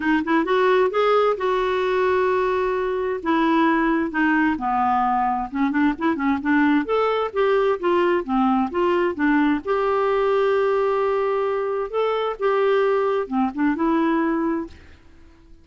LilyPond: \new Staff \with { instrumentName = "clarinet" } { \time 4/4 \tempo 4 = 131 dis'8 e'8 fis'4 gis'4 fis'4~ | fis'2. e'4~ | e'4 dis'4 b2 | cis'8 d'8 e'8 cis'8 d'4 a'4 |
g'4 f'4 c'4 f'4 | d'4 g'2.~ | g'2 a'4 g'4~ | g'4 c'8 d'8 e'2 | }